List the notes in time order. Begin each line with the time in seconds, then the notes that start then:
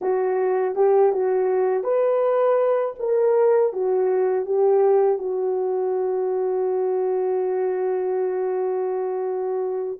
0.01 F#4
0.75 G4
1.12 F#4
1.83 B4
2.99 A#4
3.72 F#4
4.45 G4
5.18 F#4